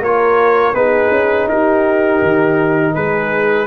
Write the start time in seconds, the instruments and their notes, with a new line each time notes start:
0.00 tuba A#3, trombone F4, horn A#4, trumpet C#5
0.73 tuba B3, trombone D#4, horn G#4, trumpet B4
1.11 tuba C#4
1.48 tuba D#4, horn G4, trumpet A#4
2.22 tuba D#3
2.95 tuba G#3, horn G#4, trumpet B4